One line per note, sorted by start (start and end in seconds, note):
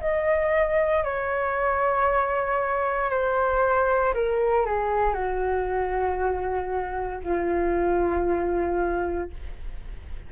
0.00 1.03 D#5
1.03 3.10 C#5
3.10 4.13 C5
4.14 4.65 A#4
4.65 5.13 G#4
5.13 7.20 F#4
7.24 9.31 F4